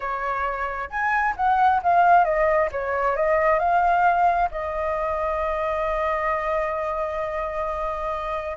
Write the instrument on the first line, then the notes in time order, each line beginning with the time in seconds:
flute
0.00 C#5
0.89 G#5
1.36 F#5
1.82 F5
2.24 D#5
2.71 C#5
3.16 D#5
3.59 F5
4.51 D#5